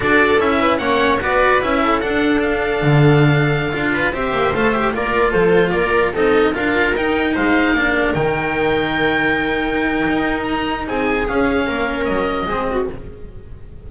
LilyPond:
<<
  \new Staff \with { instrumentName = "oboe" } { \time 4/4 \tempo 4 = 149 d''4 e''4 fis''4 d''4 | e''4 fis''4 f''2~ | f''2~ f''16 e''4 f''8 e''16~ | e''16 d''4 c''4 d''4 dis''8.~ |
dis''16 f''4 g''4 f''4.~ f''16~ | f''16 g''2.~ g''8.~ | g''2 ais''4 gis''4 | f''2 dis''2 | }
  \new Staff \with { instrumentName = "viola" } { \time 4/4 a'4. b'8 cis''4 b'4~ | b'8 a'2.~ a'8~ | a'4.~ a'16 b'8 c''4.~ c''16~ | c''16 ais'4 a'4 ais'4 a'8.~ |
a'16 ais'2 c''4 ais'8.~ | ais'1~ | ais'2. gis'4~ | gis'4 ais'2 gis'8 fis'8 | }
  \new Staff \with { instrumentName = "cello" } { \time 4/4 fis'4 e'4 cis'4 fis'4 | e'4 d'2.~ | d'4~ d'16 f'4 g'4 a'8 g'16~ | g'16 f'2. dis'8.~ |
dis'16 f'4 dis'2 d'8.~ | d'16 dis'2.~ dis'8.~ | dis'1 | cis'2. c'4 | }
  \new Staff \with { instrumentName = "double bass" } { \time 4/4 d'4 cis'4 ais4 b4 | cis'4 d'2 d4~ | d4~ d16 d'4 c'8 ais8 a8.~ | a16 ais4 f4 ais4 c'8.~ |
c'16 d'4 dis'4 gis4 ais8.~ | ais16 dis2.~ dis8.~ | dis4 dis'2 c'4 | cis'4 ais4 fis4 gis4 | }
>>